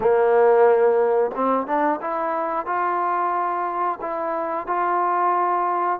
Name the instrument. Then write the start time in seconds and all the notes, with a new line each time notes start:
trombone
0.00 A#3
1.35 C4
1.66 D4
2.01 E4
2.65 F4
4.01 E4
4.66 F4